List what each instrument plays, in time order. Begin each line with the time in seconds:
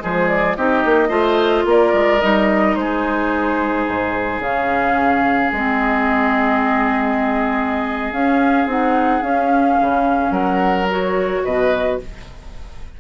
0.00 bassoon F3, clarinet G#3, oboe G#4, flute C5
0.28 flute D5
0.56 bassoon C4, clarinet D#4, oboe G4, flute D#5
0.85 bassoon A#3
1.08 bassoon A3, clarinet F4, oboe C5
1.65 bassoon A#3, oboe A#4, flute D5
1.93 bassoon G#3
2.21 bassoon G3, clarinet D#4, flute D#5
2.75 bassoon G#3, oboe G#4, flute C5
3.87 bassoon G#2
4.39 bassoon C#3, clarinet C#4, flute F5
5.52 bassoon G#3, clarinet C4, flute D#5
8.12 bassoon C#4, clarinet C#4, flute F5
8.66 bassoon C4, clarinet D#4, flute F#5
9.21 clarinet C#4, bassoon C#4, flute F5
9.80 bassoon C#3
10.31 bassoon F#3, oboe A#4, flute F#5
10.90 clarinet F#4, flute C#5
11.44 bassoon B2, oboe B4, flute D#5